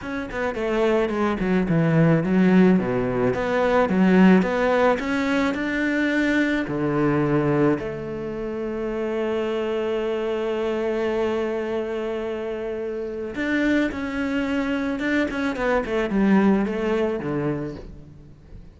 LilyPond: \new Staff \with { instrumentName = "cello" } { \time 4/4 \tempo 4 = 108 cis'8 b8 a4 gis8 fis8 e4 | fis4 b,4 b4 fis4 | b4 cis'4 d'2 | d2 a2~ |
a1~ | a1 | d'4 cis'2 d'8 cis'8 | b8 a8 g4 a4 d4 | }